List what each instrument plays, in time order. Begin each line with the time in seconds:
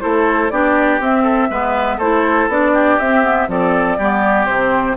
0.00 bassoon A3, clarinet E4, oboe A4, flute C5
0.49 bassoon B3, clarinet D4, oboe G4, flute D5
0.99 bassoon C4, clarinet C4, flute E5
1.22 oboe A4
1.50 bassoon G#3, clarinet B3, oboe B4
1.97 bassoon A3, clarinet E4, oboe A4, flute C5
2.48 bassoon B3, clarinet D4, flute D5
2.73 oboe G4
2.99 bassoon C4, clarinet C4, flute E5
3.22 clarinet B3
3.48 bassoon F3, clarinet C4, oboe A4, flute D5
3.97 bassoon G3, clarinet B3, oboe G4
4.46 bassoon C3, clarinet C4, flute C5